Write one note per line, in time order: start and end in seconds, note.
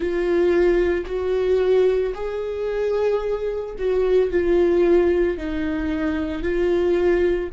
0.00 1.05 F4
1.06 2.13 F#4
2.14 3.75 G#4
3.78 4.31 F#4
4.31 5.37 F4
5.37 6.42 D#4
6.42 7.49 F4